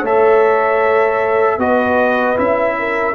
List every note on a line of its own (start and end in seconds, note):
0.00 1.58 A3
0.00 1.59 A4
0.00 1.56 C#5
0.00 1.60 E5
1.58 2.36 B3
1.58 2.36 F#4
1.58 2.75 B4
1.58 2.38 D#5
2.36 3.15 C#4
2.36 3.14 E4
2.36 3.15 E5
2.78 3.15 A#4